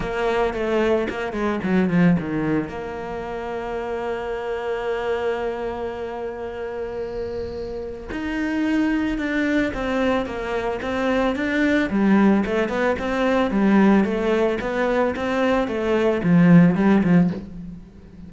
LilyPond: \new Staff \with { instrumentName = "cello" } { \time 4/4 \tempo 4 = 111 ais4 a4 ais8 gis8 fis8 f8 | dis4 ais2.~ | ais1~ | ais2. dis'4~ |
dis'4 d'4 c'4 ais4 | c'4 d'4 g4 a8 b8 | c'4 g4 a4 b4 | c'4 a4 f4 g8 f8 | }